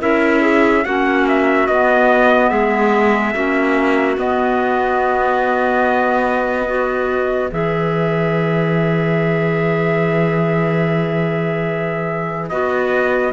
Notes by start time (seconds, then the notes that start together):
0.00 C#4 E4 A#4 E5
0.41 G#4
0.85 A#3 C#4 F#4 F#5
1.28 E5
1.67 B3 D#5
2.49 G#3 G#4 E5
3.34 A#3 C#4 F#4
4.17 B3 D#5
6.66 F#4 B4
7.51 E3 G#4 E5
12.49 B3 F#4 D#5